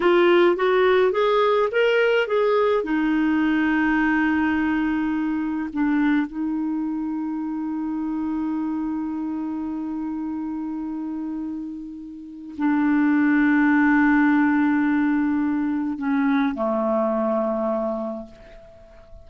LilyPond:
\new Staff \with { instrumentName = "clarinet" } { \time 4/4 \tempo 4 = 105 f'4 fis'4 gis'4 ais'4 | gis'4 dis'2.~ | dis'2 d'4 dis'4~ | dis'1~ |
dis'1~ | dis'2 d'2~ | d'1 | cis'4 a2. | }